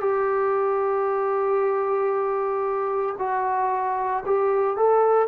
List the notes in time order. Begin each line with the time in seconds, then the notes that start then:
0.00 G4
3.19 F#4
4.26 G4
4.77 A4